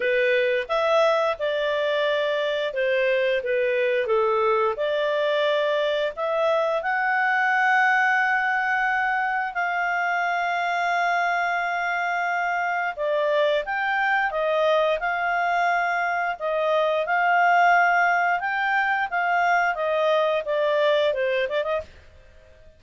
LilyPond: \new Staff \with { instrumentName = "clarinet" } { \time 4/4 \tempo 4 = 88 b'4 e''4 d''2 | c''4 b'4 a'4 d''4~ | d''4 e''4 fis''2~ | fis''2 f''2~ |
f''2. d''4 | g''4 dis''4 f''2 | dis''4 f''2 g''4 | f''4 dis''4 d''4 c''8 d''16 dis''16 | }